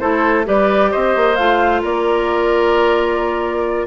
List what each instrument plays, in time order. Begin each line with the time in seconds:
0.00 bassoon A3, clarinet E4, oboe A4, flute C5
0.45 bassoon G3, clarinet G4, oboe B4, flute D5
0.92 bassoon C4, oboe C5, flute D#5
1.17 bassoon A#3
1.36 bassoon A3, clarinet F4, flute F5
1.82 bassoon A#3, oboe A#4, flute D5